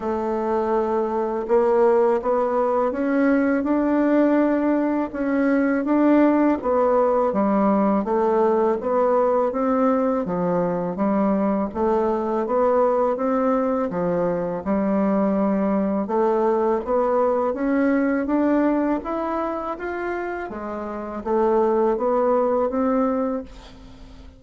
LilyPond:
\new Staff \with { instrumentName = "bassoon" } { \time 4/4 \tempo 4 = 82 a2 ais4 b4 | cis'4 d'2 cis'4 | d'4 b4 g4 a4 | b4 c'4 f4 g4 |
a4 b4 c'4 f4 | g2 a4 b4 | cis'4 d'4 e'4 f'4 | gis4 a4 b4 c'4 | }